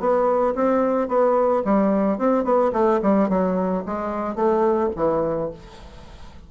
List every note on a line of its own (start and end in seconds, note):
0.00 0.55 B3
0.56 1.09 C4
1.09 1.63 B3
1.65 2.19 G3
2.19 2.44 C4
2.44 2.72 B3
2.73 3.00 A3
3.02 3.30 G3
3.30 3.84 F#3
3.86 4.36 G#3
4.36 4.90 A3
4.96 5.51 E3